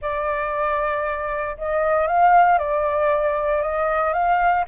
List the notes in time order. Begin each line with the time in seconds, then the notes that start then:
0.01 D5
1.57 D#5
2.07 F5
2.58 D5
3.62 D#5
4.13 F5